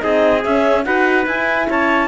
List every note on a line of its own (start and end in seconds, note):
0.00 0.45 C4
0.00 0.41 D#4
0.00 0.86 G#4
0.00 0.42 D#5
0.44 0.86 C#4
0.44 0.85 C#4
0.44 0.84 E5
0.84 1.26 D#4
0.84 1.26 F#4
0.84 1.69 B4
0.84 1.25 F#5
1.26 1.67 E4
1.26 2.08 E4
1.26 1.69 G#5
1.69 2.08 C#4
1.69 2.08 C#5
1.69 2.08 A5